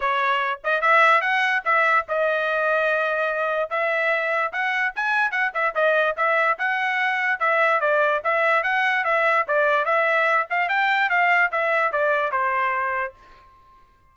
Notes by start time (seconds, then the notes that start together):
0.00 C#5
0.64 D#5
0.81 E5
1.21 F#5
1.65 E5
2.08 D#5
3.70 E5
4.52 F#5
4.95 G#5
5.31 F#5
5.53 E5
5.75 D#5
6.16 E5
6.58 F#5
7.39 E5
7.80 D5
8.24 E5
8.63 F#5
9.04 E5
9.47 D5
9.85 E5
10.50 F5
10.68 G5
11.09 F5
11.51 E5
11.92 D5
12.31 C5